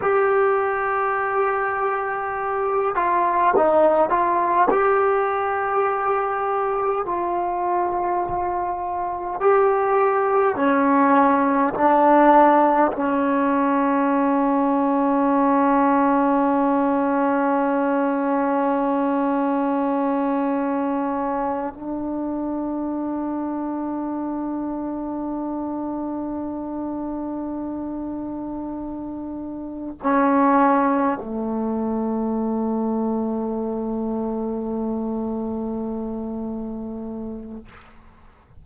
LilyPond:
\new Staff \with { instrumentName = "trombone" } { \time 4/4 \tempo 4 = 51 g'2~ g'8 f'8 dis'8 f'8 | g'2 f'2 | g'4 cis'4 d'4 cis'4~ | cis'1~ |
cis'2~ cis'8 d'4.~ | d'1~ | d'4. cis'4 a4.~ | a1 | }